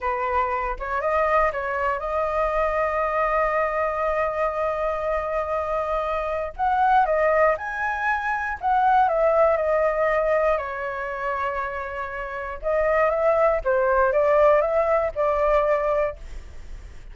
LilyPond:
\new Staff \with { instrumentName = "flute" } { \time 4/4 \tempo 4 = 119 b'4. cis''8 dis''4 cis''4 | dis''1~ | dis''1~ | dis''4 fis''4 dis''4 gis''4~ |
gis''4 fis''4 e''4 dis''4~ | dis''4 cis''2.~ | cis''4 dis''4 e''4 c''4 | d''4 e''4 d''2 | }